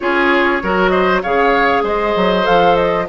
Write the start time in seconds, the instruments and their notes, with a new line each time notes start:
0.00 bassoon C#4, clarinet F4, oboe G#4, flute C#5
0.62 bassoon F#3, clarinet F#4, oboe A#4
0.89 oboe C5, flute D#5
1.22 bassoon C#3, clarinet G#4, oboe C#5, flute F5
1.83 bassoon G#3, oboe C5, flute D#5
2.16 bassoon F#3
2.43 bassoon F3, clarinet A4, flute F5
2.75 flute D#5